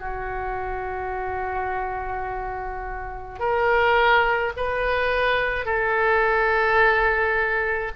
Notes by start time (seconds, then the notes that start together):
0.00 F#4
3.40 A#4
4.57 B4
5.66 A4